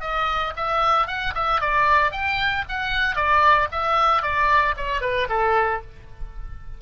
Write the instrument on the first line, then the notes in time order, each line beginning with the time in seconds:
oboe
0.00 D#5
0.56 E5
1.07 F#5
1.34 E5
1.61 D5
2.11 G5
2.68 F#5
3.15 D5
3.72 E5
4.22 D5
4.77 C#5
5.01 B4
5.29 A4